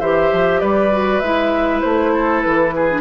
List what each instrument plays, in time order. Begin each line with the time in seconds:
0.00 bassoon E3, clarinet G4, oboe C5, flute E5
0.32 bassoon F3
0.60 bassoon G3, oboe B4, flute D5
0.91 clarinet F#4
1.19 bassoon G#3, clarinet E4, flute E5
1.81 bassoon A3, flute C5
2.14 oboe A4
2.42 bassoon E3, flute B4
2.76 oboe G#4
2.90 clarinet D4